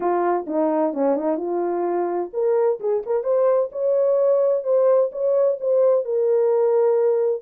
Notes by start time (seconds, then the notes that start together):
0.00 F4
0.47 D#4
0.93 C#4
1.15 D#4
1.37 F4
2.33 A#4
2.79 G#4
3.05 A#4
3.23 C5
3.71 C#5
4.63 C5
5.12 C#5
5.60 C5
6.04 A#4